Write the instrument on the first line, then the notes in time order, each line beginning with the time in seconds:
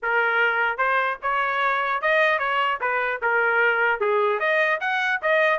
trumpet
0.02 A#4
0.77 C5
1.22 C#5
2.01 D#5
2.38 C#5
2.80 B4
3.22 A#4
4.00 G#4
4.39 D#5
4.80 F#5
5.21 D#5